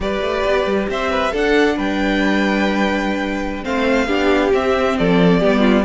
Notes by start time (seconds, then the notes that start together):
0.00 G3 G4 B4 D5
0.21 A3
0.45 B3
0.66 G3
0.88 C4 C5 E5
1.10 B4
1.31 D4 A4 F#5
1.76 G3 B4 G5
3.63 A3 C4 C5 F5
4.06 B3 D4 G4
4.53 C4 E5
4.97 F3 A4 D5
5.40 G3 B3 G4
5.60 F4